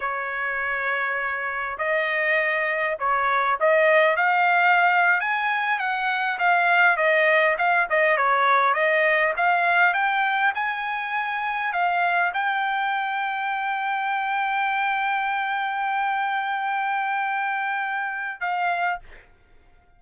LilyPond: \new Staff \with { instrumentName = "trumpet" } { \time 4/4 \tempo 4 = 101 cis''2. dis''4~ | dis''4 cis''4 dis''4 f''4~ | f''8. gis''4 fis''4 f''4 dis''16~ | dis''8. f''8 dis''8 cis''4 dis''4 f''16~ |
f''8. g''4 gis''2 f''16~ | f''8. g''2.~ g''16~ | g''1~ | g''2. f''4 | }